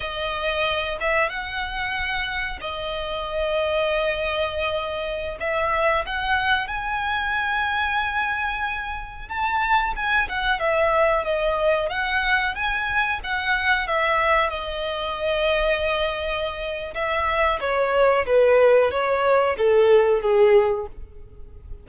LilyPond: \new Staff \with { instrumentName = "violin" } { \time 4/4 \tempo 4 = 92 dis''4. e''8 fis''2 | dis''1~ | dis''16 e''4 fis''4 gis''4.~ gis''16~ | gis''2~ gis''16 a''4 gis''8 fis''16~ |
fis''16 e''4 dis''4 fis''4 gis''8.~ | gis''16 fis''4 e''4 dis''4.~ dis''16~ | dis''2 e''4 cis''4 | b'4 cis''4 a'4 gis'4 | }